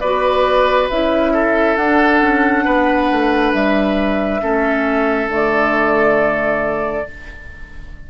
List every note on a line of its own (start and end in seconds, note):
0.00 0.90 B3
0.00 0.91 F#4
0.00 1.33 B4
0.00 0.88 D5
0.90 1.77 C#4
0.90 1.79 E4
0.90 1.76 E5
1.34 2.65 A4
1.76 2.21 D4
1.76 4.41 D4
1.76 3.53 F#5
2.21 2.65 C#4
2.65 3.11 B3
2.65 4.41 B4
3.12 3.54 A3
3.53 4.42 G3
3.53 5.30 E5
4.41 5.28 A3
4.41 5.29 C#4
4.41 7.08 A4
5.28 7.05 D3
5.28 7.05 A3
5.28 7.10 D5